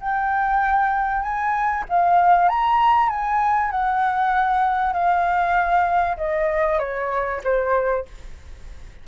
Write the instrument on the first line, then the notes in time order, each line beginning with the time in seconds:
flute
0.00 G5
1.22 G#5
1.89 F5
2.48 A#5
3.09 G#5
3.71 F#5
4.93 F5
6.17 D#5
6.79 C#5
7.43 C5